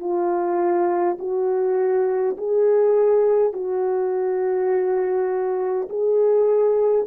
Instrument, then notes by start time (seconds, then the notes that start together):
horn
0.00 F4
1.19 F#4
2.37 G#4
3.53 F#4
5.89 G#4